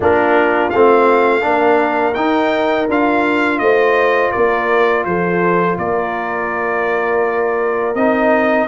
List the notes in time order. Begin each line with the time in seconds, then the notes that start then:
0.00 A#3 D4 F4 A#4
0.70 A3 C4 F5
1.41 A#3 D4
1.47 A#4
2.14 D#4 G5
2.88 D4 F4 F5
3.59 A3 C5 D#5
4.31 A#3 A#4 D5
5.04 F3 A4 C5
5.78 A#3 A#4 D5
7.95 C4 D#4 D#5